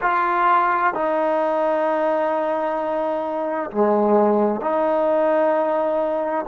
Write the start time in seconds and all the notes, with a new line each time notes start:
0.01 F4
0.94 D#4
3.71 G#3
4.61 D#4